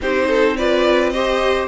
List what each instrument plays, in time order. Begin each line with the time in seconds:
0.01 cello C4, viola D#4, violin G4 C5
0.28 violin A4
0.56 viola F4, violin B4 D5
1.09 viola G4, violin C5 D#5